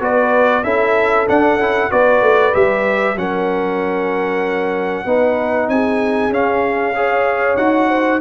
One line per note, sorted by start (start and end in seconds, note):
0.00 0.63 B3
0.00 0.63 F#4
0.00 0.64 B4
0.00 0.64 D5
0.64 1.27 C#4
0.64 1.27 E4
0.64 1.90 A4
0.64 1.27 E5
1.27 1.59 D4
1.27 1.57 D4
1.27 1.91 F#5
1.57 1.88 C#4
1.57 1.91 E4
1.90 2.22 B3
1.90 2.53 F#4
1.90 3.17 B4
1.90 2.54 D5
2.22 2.53 A3
2.53 3.15 G3
2.53 3.16 G4
2.53 3.17 E5
3.15 5.05 F#3
3.15 5.06 C#4
3.15 5.06 A#4
3.15 5.69 F#5
5.05 5.68 B3
5.05 6.31 D#4
5.05 5.69 B4
5.68 6.30 C4
5.68 6.96 G#4
5.68 6.32 G#5
6.30 7.56 C#4
6.30 6.95 C#4
6.30 7.56 F5
6.95 7.58 G#4
6.95 7.89 C#5
7.56 8.20 D#4
7.56 8.21 F#4
7.56 8.19 F#5
7.89 8.21 C5